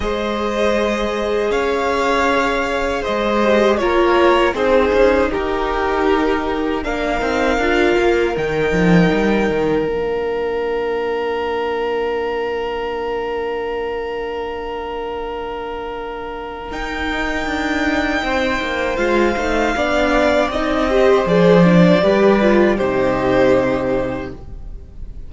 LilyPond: <<
  \new Staff \with { instrumentName = "violin" } { \time 4/4 \tempo 4 = 79 dis''2 f''2 | dis''4 cis''4 c''4 ais'4~ | ais'4 f''2 g''4~ | g''4 f''2.~ |
f''1~ | f''2 g''2~ | g''4 f''2 dis''4 | d''2 c''2 | }
  \new Staff \with { instrumentName = "violin" } { \time 4/4 c''2 cis''2 | c''4 ais'4 gis'4 g'4~ | g'4 ais'2.~ | ais'1~ |
ais'1~ | ais'1 | c''2 d''4. c''8~ | c''4 b'4 g'2 | }
  \new Staff \with { instrumentName = "viola" } { \time 4/4 gis'1~ | gis'8 g'8 f'4 dis'2~ | dis'4 d'8 dis'8 f'4 dis'4~ | dis'4 d'2.~ |
d'1~ | d'2 dis'2~ | dis'4 f'8 dis'8 d'4 dis'8 g'8 | gis'8 d'8 g'8 f'8 dis'2 | }
  \new Staff \with { instrumentName = "cello" } { \time 4/4 gis2 cis'2 | gis4 ais4 c'8 cis'8 dis'4~ | dis'4 ais8 c'8 d'8 ais8 dis8 f8 | g8 dis8 ais2.~ |
ais1~ | ais2 dis'4 d'4 | c'8 ais8 gis8 a8 b4 c'4 | f4 g4 c2 | }
>>